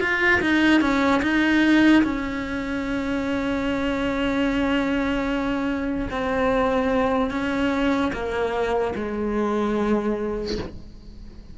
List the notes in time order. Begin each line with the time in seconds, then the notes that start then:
0.00 F4
0.41 D#4
0.81 C#4
1.22 D#4
2.03 C#4
6.10 C4
7.30 C#4
8.13 A#3
8.96 G#3